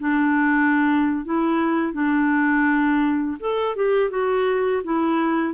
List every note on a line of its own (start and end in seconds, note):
0.00 1.25 D4
1.25 1.93 E4
1.93 3.38 D4
3.40 3.76 A4
3.76 4.10 G4
4.10 4.83 F#4
4.84 5.54 E4